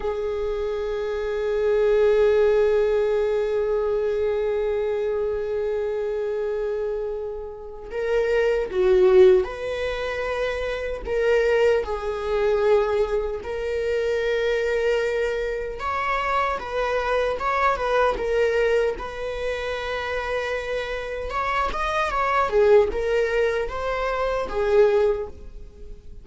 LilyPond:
\new Staff \with { instrumentName = "viola" } { \time 4/4 \tempo 4 = 76 gis'1~ | gis'1~ | gis'2 ais'4 fis'4 | b'2 ais'4 gis'4~ |
gis'4 ais'2. | cis''4 b'4 cis''8 b'8 ais'4 | b'2. cis''8 dis''8 | cis''8 gis'8 ais'4 c''4 gis'4 | }